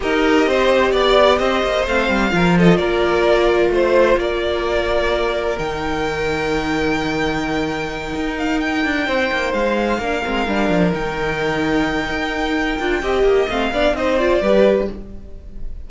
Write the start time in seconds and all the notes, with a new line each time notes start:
0.00 D#4 G4 A#4 D#5
0.46 C4 C5
0.91 B3 D5
1.38 C4 C5 D#5
1.63 A#3
1.86 A3 C4 F5
2.09 G3
2.30 F3 F4 A#4
2.58 A4 D#5
2.77 A#3 A#4 D5
3.69 A3 C5
4.16 A#3 A#4 D5
5.58 D#3 D#4 G5
8.15 D#4
8.38 F5
8.59 G5
8.84 D4
9.06 C4 C5
9.32 A#3
9.53 G#3 F5
9.98 A#3 D4 A#4
10.24 G#3 C4
10.47 G3 D4
10.69 F3
10.91 D#3 D#4 G5
12.09 D#4
12.79 D4 F4
13.02 C4 G4 D#5
13.23 A#3
13.48 A3 C4 F5
13.72 B3 D4 D5
13.93 C4 D#4 C5 D#5
14.17 F4 D5
14.41 G3 G4 B4